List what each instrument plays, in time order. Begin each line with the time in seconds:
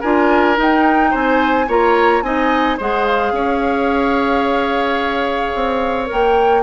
0.00 bassoon D4, clarinet F4, oboe A#4, flute G#5
0.56 clarinet D#4, bassoon D#4, flute G5
1.11 bassoon C4, oboe C5, flute G#5
1.68 bassoon A#3, clarinet F4, oboe C#5, flute A#5
2.22 bassoon C4, clarinet D#4, oboe D#5, flute G#5
2.77 bassoon G#3, clarinet G#4, oboe C5, flute F#5
3.06 flute F5
3.32 bassoon C#4, oboe C#5
5.55 bassoon C4
6.06 bassoon A#3, clarinet A#4, flute G5